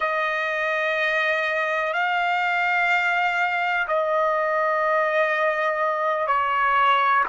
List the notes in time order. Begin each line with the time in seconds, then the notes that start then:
0.00 D#5
1.93 F5
3.87 D#5
6.27 C#5